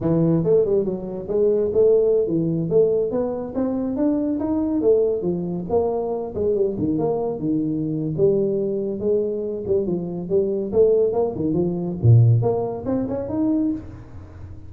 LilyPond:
\new Staff \with { instrumentName = "tuba" } { \time 4/4 \tempo 4 = 140 e4 a8 g8 fis4 gis4 | a4~ a16 e4 a4 b8.~ | b16 c'4 d'4 dis'4 a8.~ | a16 f4 ais4. gis8 g8 dis16~ |
dis16 ais4 dis4.~ dis16 g4~ | g4 gis4. g8 f4 | g4 a4 ais8 dis8 f4 | ais,4 ais4 c'8 cis'8 dis'4 | }